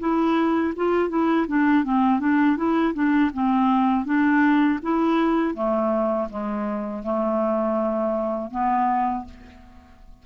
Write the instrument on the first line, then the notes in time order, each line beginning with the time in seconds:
clarinet
0.00 E4
0.76 F4
1.10 E4
1.48 D4
1.85 C4
2.20 D4
2.57 E4
2.94 D4
3.34 C4
4.05 D4
4.83 E4
5.55 A3
6.30 G#3
7.04 A3
8.51 B3